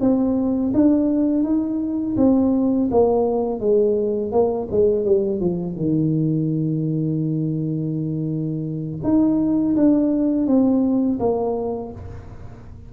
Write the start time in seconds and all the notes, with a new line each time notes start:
0.00 C4
0.74 D4
1.43 D#4
2.17 C4
2.91 A#3
3.59 G#3
4.31 A#3
4.71 G#3
5.05 G3
5.40 F3
5.75 D#3
9.03 D#4
9.76 D4
10.47 C4
11.19 A#3